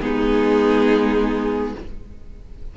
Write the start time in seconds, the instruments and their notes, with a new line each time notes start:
0.00 cello G#3, viola B3, violin D#4 G#4